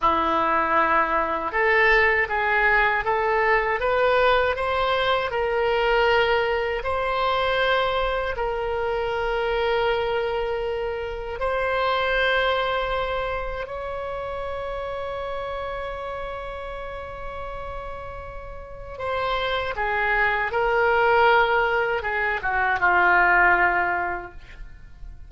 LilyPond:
\new Staff \with { instrumentName = "oboe" } { \time 4/4 \tempo 4 = 79 e'2 a'4 gis'4 | a'4 b'4 c''4 ais'4~ | ais'4 c''2 ais'4~ | ais'2. c''4~ |
c''2 cis''2~ | cis''1~ | cis''4 c''4 gis'4 ais'4~ | ais'4 gis'8 fis'8 f'2 | }